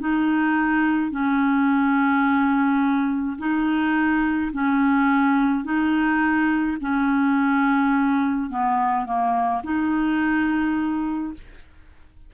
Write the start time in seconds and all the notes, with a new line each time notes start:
0.00 D#4
1.11 C#4
3.38 D#4
4.53 C#4
5.64 D#4
6.81 C#4
8.50 B3
9.06 A#3
9.63 D#4